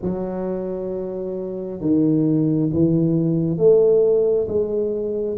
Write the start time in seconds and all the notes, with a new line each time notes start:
0.02 F#3
1.80 D#3
2.73 E3
3.57 A3
4.48 G#3